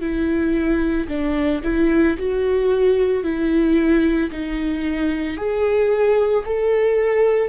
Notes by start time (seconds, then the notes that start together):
0.00 E4
1.08 D4
1.64 E4
2.18 F#4
3.23 E4
4.31 D#4
5.37 G#4
6.45 A4